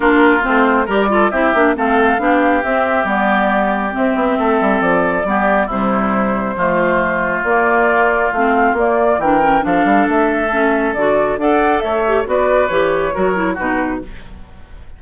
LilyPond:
<<
  \new Staff \with { instrumentName = "flute" } { \time 4/4 \tempo 4 = 137 ais'4 c''4 d''4 e''4 | f''2 e''4 d''4~ | d''4 e''2 d''4~ | d''4 c''2.~ |
c''4 d''2 f''4 | d''4 g''4 f''4 e''4~ | e''4 d''4 fis''4 e''4 | d''4 cis''2 b'4 | }
  \new Staff \with { instrumentName = "oboe" } { \time 4/4 f'2 ais'8 a'8 g'4 | a'4 g'2.~ | g'2 a'2 | g'4 e'2 f'4~ |
f'1~ | f'4 ais'4 a'2~ | a'2 d''4 cis''4 | b'2 ais'4 fis'4 | }
  \new Staff \with { instrumentName = "clarinet" } { \time 4/4 d'4 c'4 g'8 f'8 e'8 d'8 | c'4 d'4 c'4 b4~ | b4 c'2. | b4 g2 a4~ |
a4 ais2 c'4 | ais4 d'8 cis'8 d'2 | cis'4 fis'4 a'4. g'8 | fis'4 g'4 fis'8 e'8 dis'4 | }
  \new Staff \with { instrumentName = "bassoon" } { \time 4/4 ais4 a4 g4 c'8 ais8 | a4 b4 c'4 g4~ | g4 c'8 b8 a8 g8 f4 | g4 c2 f4~ |
f4 ais2 a4 | ais4 e4 f8 g8 a4~ | a4 d4 d'4 a4 | b4 e4 fis4 b,4 | }
>>